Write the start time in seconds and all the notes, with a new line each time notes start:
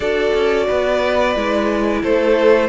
0.00 D4 F#4 A4 D5
0.34 C#4
0.67 B3 B4
1.35 G#3 E4
2.02 A3 A4 C5